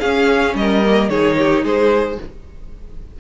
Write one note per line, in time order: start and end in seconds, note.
0.00 0.83 C#4
0.00 0.55 C#4
0.00 0.55 G#4
0.00 0.55 F5
0.55 1.09 G3
0.55 1.10 A#4
0.55 1.09 D#5
0.85 1.10 A#3
1.09 1.63 D#3
1.09 2.19 D#4
1.09 1.37 G#4
1.09 1.64 C#5
1.38 1.64 G4
1.64 2.18 G#3
1.64 2.19 G#4
1.64 2.20 C5